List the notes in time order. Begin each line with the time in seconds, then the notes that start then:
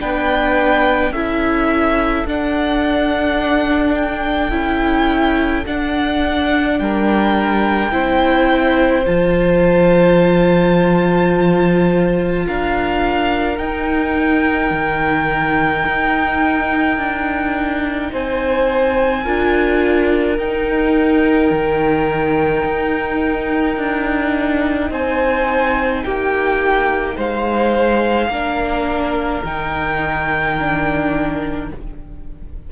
0.00 B3 D4 B4 G5
1.12 C#4 E4 A4 E5
2.25 D4 F#5
3.95 G5
4.51 C#4 E4
5.66 D4 F#5
6.79 G3 A#4 G5
7.91 C4 E4 C5
9.05 F3 F4 A5
12.46 D4 A#4 F5
13.58 D#4 G5
14.71 D#3
15.86 D#4
16.97 D4
18.11 C4 C5 G#5
19.23 D4 F4 A#4
20.38 D#4 G5
21.51 D#3
22.64 D#4
23.77 D4
24.90 C4 C5 G#5
26.03 A#3 G4 G5
27.15 G#3 C5 F5
28.29 A#3 D4 A#4
29.44 D#3 D#4 G5
30.59 D4